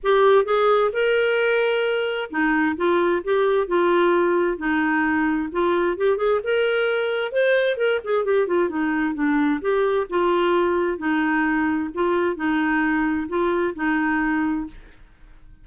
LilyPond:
\new Staff \with { instrumentName = "clarinet" } { \time 4/4 \tempo 4 = 131 g'4 gis'4 ais'2~ | ais'4 dis'4 f'4 g'4 | f'2 dis'2 | f'4 g'8 gis'8 ais'2 |
c''4 ais'8 gis'8 g'8 f'8 dis'4 | d'4 g'4 f'2 | dis'2 f'4 dis'4~ | dis'4 f'4 dis'2 | }